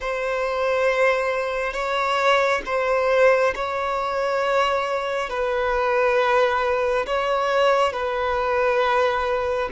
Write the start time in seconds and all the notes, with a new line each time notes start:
0.00 C5
1.73 C#5
2.65 C5
3.55 C#5
5.29 B4
7.06 C#5
7.93 B4